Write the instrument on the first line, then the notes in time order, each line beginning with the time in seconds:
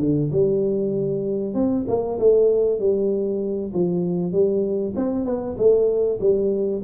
tuba
0.00 D3
0.32 G3
1.55 C4
1.88 A#3
2.19 A3
2.80 G3
3.74 F3
4.32 G3
4.96 C4
5.25 B3
5.58 A3
6.21 G3